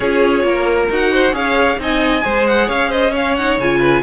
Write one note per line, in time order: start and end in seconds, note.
0.00 0.43 C#4
0.00 0.90 F4
0.00 0.44 G#4
0.00 0.88 C#5
0.43 0.88 A#3
0.43 1.12 A#4
0.90 1.32 D#4
0.90 1.32 F#4
0.90 1.34 F#5
1.12 1.34 C5
1.32 1.77 C#4
1.32 1.77 G#4
1.32 1.79 C#5
1.32 1.79 F5
1.77 2.22 C4
1.77 2.21 D#4
1.77 2.23 D#5
1.77 2.46 G#5
2.21 2.68 G#3
2.21 3.10 G#4
2.21 2.67 C5
2.46 2.69 F#5
2.67 3.57 C#4
2.67 2.88 C#5
2.67 2.91 F5
2.88 3.11 C5
2.88 3.14 D#5
3.11 3.38 C#4
3.11 3.78 C#5
3.11 3.36 F5
3.36 3.61 D#4
3.36 3.58 F#5
3.57 4.02 C#3
3.57 4.03 F4
3.57 4.03 G#5
3.79 4.01 B4